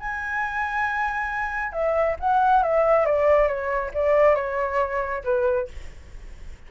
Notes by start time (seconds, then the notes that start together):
0.00 G#5
1.73 E5
2.20 F#5
2.63 E5
3.06 D5
3.48 C#5
3.94 D5
4.36 C#5
5.24 B4